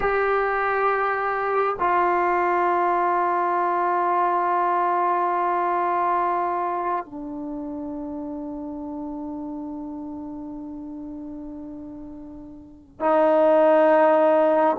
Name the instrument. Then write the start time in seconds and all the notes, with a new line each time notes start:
trombone
0.00 G4
1.79 F4
7.05 D4
12.99 D#4